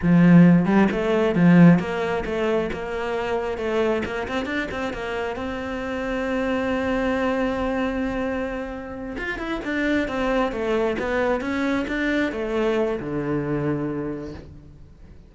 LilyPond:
\new Staff \with { instrumentName = "cello" } { \time 4/4 \tempo 4 = 134 f4. g8 a4 f4 | ais4 a4 ais2 | a4 ais8 c'8 d'8 c'8 ais4 | c'1~ |
c'1~ | c'8 f'8 e'8 d'4 c'4 a8~ | a8 b4 cis'4 d'4 a8~ | a4 d2. | }